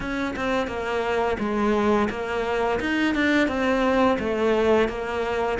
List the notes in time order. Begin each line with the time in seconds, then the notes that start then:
0.00 C#4
0.36 C4
0.67 A#3
1.39 G#3
2.10 A#3
2.80 D#4
3.14 D4
3.48 C4
4.19 A3
4.88 A#3